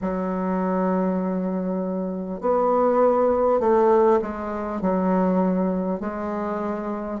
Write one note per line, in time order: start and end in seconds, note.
0.01 2.41 F#3
2.41 3.60 B3
3.60 4.20 A3
4.21 4.81 G#3
4.81 5.99 F#3
5.99 7.19 G#3